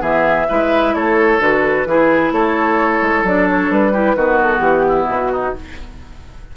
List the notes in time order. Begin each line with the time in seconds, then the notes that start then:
0.00 E3 B3 G#4 E5
0.49 G#3 E4 B4
0.95 A3 A4 C#5
1.39 D3 F#4 B4
1.85 E3 E4 G#4
2.32 A3 A4 C#5
3.02 G#3
3.23 F#3 D4 D5
3.50 C#5
3.70 G3 B4
3.93 E4 G4
4.16 D#3 B3 F#4
4.42 A4
4.59 E3 G4
4.88 E4
5.08 B2 F#4
5.32 D#4